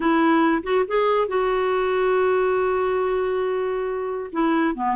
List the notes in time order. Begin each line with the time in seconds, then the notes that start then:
0.00 E4
0.63 F#4
0.87 G#4
1.28 F#4
4.32 E4
4.75 B3